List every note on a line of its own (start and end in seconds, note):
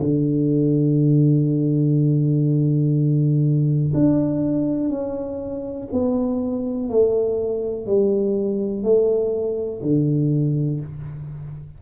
0.00 3.93 D3
3.94 4.90 D4
4.90 5.88 C#4
5.93 6.90 B3
6.90 7.87 A3
7.87 8.84 G3
8.84 9.82 A3
9.82 10.81 D3